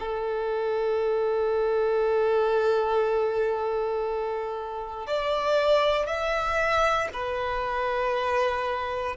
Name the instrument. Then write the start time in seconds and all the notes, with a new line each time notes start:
violin
0.00 A4
5.08 D5
6.07 E5
7.14 B4